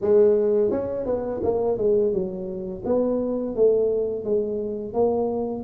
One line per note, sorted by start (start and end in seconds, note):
0.01 0.71 G#3
0.71 1.06 C#4
1.06 1.41 B3
1.43 1.77 A#3
1.77 2.12 G#3
2.12 2.83 F#3
2.85 3.55 B3
3.55 4.24 A3
4.24 4.93 G#3
4.93 5.63 A#3